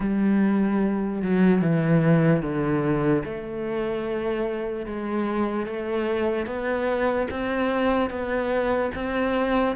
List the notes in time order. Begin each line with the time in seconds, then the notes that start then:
0.00 G3
1.22 F#3
1.61 E3
2.42 D3
3.24 A3
4.86 G#3
5.66 A3
6.46 B3
7.30 C4
8.10 B3
8.94 C4